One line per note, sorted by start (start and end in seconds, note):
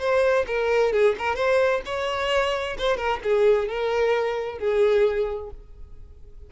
0.00 0.46 C5
0.47 0.93 A#4
0.93 1.16 G#4
1.19 1.36 A#4
1.36 1.82 C5
1.86 2.78 C#5
2.79 2.97 C5
2.97 3.20 A#4
3.24 3.68 G#4
3.68 4.59 A#4
4.59 5.51 G#4